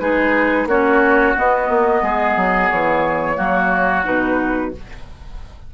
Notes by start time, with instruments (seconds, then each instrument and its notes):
0.00 bassoon G#3, clarinet D#4, oboe G#4, flute B4
0.66 bassoon A#3, clarinet C#4, oboe F#4, flute C#5
1.37 clarinet B3, bassoon B3, flute D#5
1.69 bassoon A#3
2.02 bassoon G#3, oboe G#4
2.36 bassoon F#3
2.70 bassoon E3, flute C#5
3.36 bassoon F#3, clarinet A#3, oboe F#4
4.04 bassoon B2, clarinet D#4, flute B4